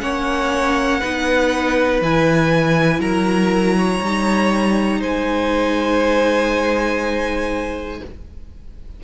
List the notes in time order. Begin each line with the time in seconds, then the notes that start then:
0.00 A#3 C#4 C#5 F#5
1.00 B3 D#4 B4
2.01 E3 E4 G#5
2.99 F#3 A#4 A#5
3.77 C#5
4.01 G3 D#4
5.00 G#3 C5 G#5